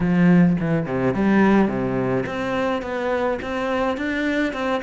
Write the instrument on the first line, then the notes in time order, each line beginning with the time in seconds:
cello
0.00 F3
0.60 E3
0.86 C3
1.14 G3
1.67 C3
2.25 C4
2.81 B3
3.42 C4
3.97 D4
4.53 C4